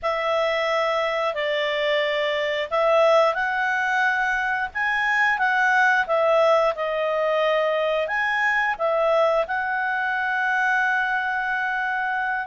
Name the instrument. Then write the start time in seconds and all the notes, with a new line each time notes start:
clarinet
0.02 E5
1.34 D5
2.70 E5
3.34 F#5
4.73 G#5
5.38 F#5
6.06 E5
6.75 D#5
8.07 G#5
8.78 E5
9.47 F#5